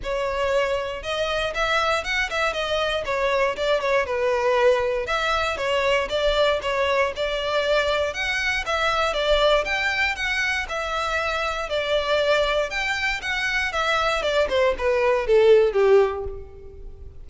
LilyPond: \new Staff \with { instrumentName = "violin" } { \time 4/4 \tempo 4 = 118 cis''2 dis''4 e''4 | fis''8 e''8 dis''4 cis''4 d''8 cis''8 | b'2 e''4 cis''4 | d''4 cis''4 d''2 |
fis''4 e''4 d''4 g''4 | fis''4 e''2 d''4~ | d''4 g''4 fis''4 e''4 | d''8 c''8 b'4 a'4 g'4 | }